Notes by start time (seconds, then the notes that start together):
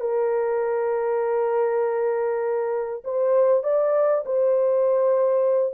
0.00 A#4
3.04 C5
3.63 D5
4.25 C5